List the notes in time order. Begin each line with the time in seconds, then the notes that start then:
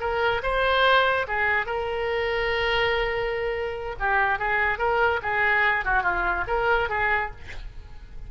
0.00 A#4
0.43 C5
1.28 G#4
1.66 A#4
4.00 G4
4.39 G#4
4.79 A#4
5.23 G#4
5.85 F#4
6.03 F4
6.48 A#4
6.89 G#4